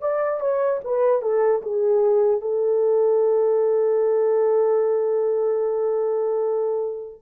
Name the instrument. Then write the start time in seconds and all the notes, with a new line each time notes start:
horn
0.00 D5
0.40 C#5
0.84 B4
1.21 A4
1.62 G#4
2.41 A4